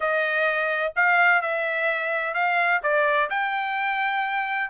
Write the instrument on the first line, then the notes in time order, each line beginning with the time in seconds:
trumpet
0.00 D#5
0.95 F5
1.41 E5
2.34 F5
2.83 D5
3.30 G5